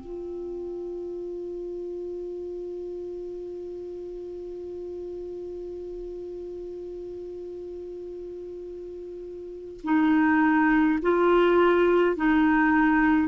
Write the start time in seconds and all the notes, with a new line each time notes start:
0.00 F4
9.83 D#4
11.02 F4
12.16 D#4